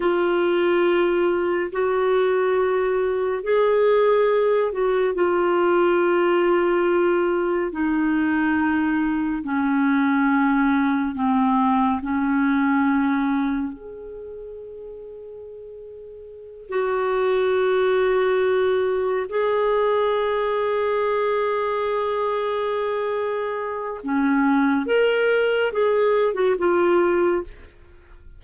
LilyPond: \new Staff \with { instrumentName = "clarinet" } { \time 4/4 \tempo 4 = 70 f'2 fis'2 | gis'4. fis'8 f'2~ | f'4 dis'2 cis'4~ | cis'4 c'4 cis'2 |
gis'2.~ gis'8 fis'8~ | fis'2~ fis'8 gis'4.~ | gis'1 | cis'4 ais'4 gis'8. fis'16 f'4 | }